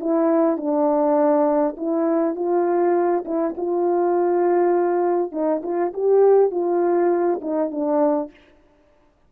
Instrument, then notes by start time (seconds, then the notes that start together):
horn
0.00 E4
0.57 D4
1.77 E4
2.35 F4
3.25 E4
3.57 F4
5.32 D#4
5.63 F4
5.93 G4
6.51 F4
7.41 D#4
7.71 D4